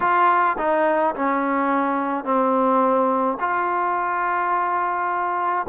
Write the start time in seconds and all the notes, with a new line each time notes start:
0.00 F4
0.58 D#4
1.15 C#4
2.24 C4
3.40 F4